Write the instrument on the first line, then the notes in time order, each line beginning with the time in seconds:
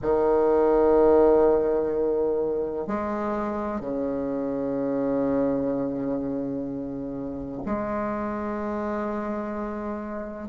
bassoon
0.02 D#3
2.87 G#3
3.80 C#3
7.65 G#3